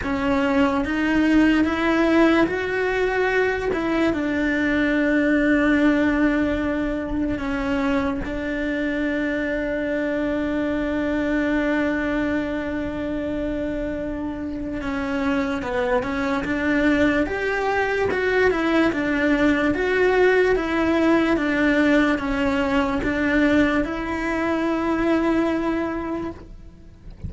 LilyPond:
\new Staff \with { instrumentName = "cello" } { \time 4/4 \tempo 4 = 73 cis'4 dis'4 e'4 fis'4~ | fis'8 e'8 d'2.~ | d'4 cis'4 d'2~ | d'1~ |
d'2 cis'4 b8 cis'8 | d'4 g'4 fis'8 e'8 d'4 | fis'4 e'4 d'4 cis'4 | d'4 e'2. | }